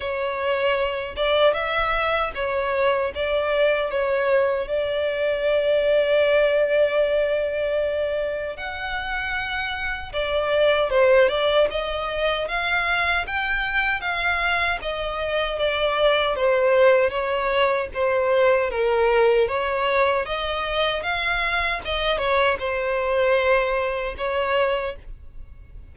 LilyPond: \new Staff \with { instrumentName = "violin" } { \time 4/4 \tempo 4 = 77 cis''4. d''8 e''4 cis''4 | d''4 cis''4 d''2~ | d''2. fis''4~ | fis''4 d''4 c''8 d''8 dis''4 |
f''4 g''4 f''4 dis''4 | d''4 c''4 cis''4 c''4 | ais'4 cis''4 dis''4 f''4 | dis''8 cis''8 c''2 cis''4 | }